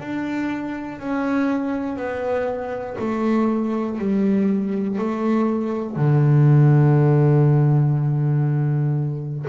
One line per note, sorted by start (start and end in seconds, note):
0.00 0.99 D4
0.99 1.97 C#4
1.97 2.97 B3
2.99 3.99 A3
3.99 4.99 G3
4.99 5.96 A3
5.96 9.46 D3